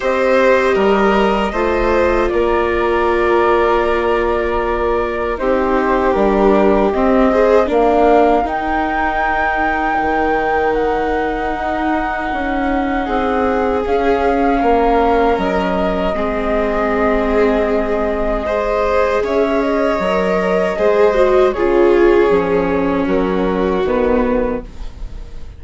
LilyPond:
<<
  \new Staff \with { instrumentName = "flute" } { \time 4/4 \tempo 4 = 78 dis''2. d''4~ | d''2. c''4 | ais'4 dis''4 f''4 g''4~ | g''2 fis''2~ |
fis''2 f''2 | dis''1~ | dis''4 e''8 dis''2~ dis''8 | cis''2 ais'4 b'4 | }
  \new Staff \with { instrumentName = "violin" } { \time 4/4 c''4 ais'4 c''4 ais'4~ | ais'2. g'4~ | g'4. c''8 ais'2~ | ais'1~ |
ais'4 gis'2 ais'4~ | ais'4 gis'2. | c''4 cis''2 c''4 | gis'2 fis'2 | }
  \new Staff \with { instrumentName = "viola" } { \time 4/4 g'2 f'2~ | f'2. dis'4 | d'4 c'8 gis'8 d'4 dis'4~ | dis'1~ |
dis'2 cis'2~ | cis'4 c'2. | gis'2 ais'4 gis'8 fis'8 | f'4 cis'2 b4 | }
  \new Staff \with { instrumentName = "bassoon" } { \time 4/4 c'4 g4 a4 ais4~ | ais2. c'4 | g4 c'4 ais4 dis'4~ | dis'4 dis2 dis'4 |
cis'4 c'4 cis'4 ais4 | fis4 gis2.~ | gis4 cis'4 fis4 gis4 | cis4 f4 fis4 dis4 | }
>>